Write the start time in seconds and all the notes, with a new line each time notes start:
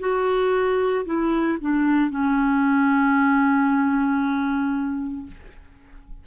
0.00 F#4
1.06 E4
1.61 D4
2.11 C#4